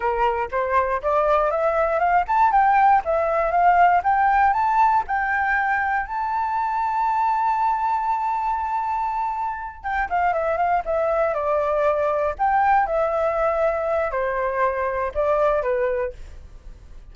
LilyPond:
\new Staff \with { instrumentName = "flute" } { \time 4/4 \tempo 4 = 119 ais'4 c''4 d''4 e''4 | f''8 a''8 g''4 e''4 f''4 | g''4 a''4 g''2 | a''1~ |
a''2.~ a''8 g''8 | f''8 e''8 f''8 e''4 d''4.~ | d''8 g''4 e''2~ e''8 | c''2 d''4 b'4 | }